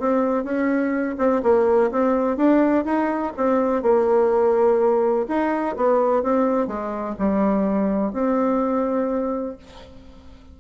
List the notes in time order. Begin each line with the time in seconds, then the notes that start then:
0.00 C4
0.45 C#4
1.19 C4
1.43 A#3
1.92 C4
2.37 D4
2.85 D#4
3.38 C4
3.83 A#3
5.28 D#4
5.77 B3
6.23 C4
6.68 G#3
7.19 G3
8.13 C4